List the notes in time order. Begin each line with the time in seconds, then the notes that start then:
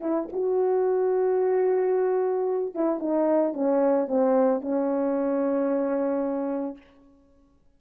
0.00 E4
0.32 F#4
2.74 E4
2.99 D#4
3.53 C#4
4.07 C4
4.61 C#4